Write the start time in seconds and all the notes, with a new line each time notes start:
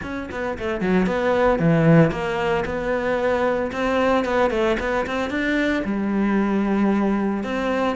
0.03 C#4
0.31 B3
0.58 A3
0.80 F#3
1.06 B3
1.59 E3
2.11 A#3
2.65 B3
3.71 C4
4.24 B3
4.50 A3
4.79 B3
5.06 C4
5.30 D4
5.84 G3
7.43 C4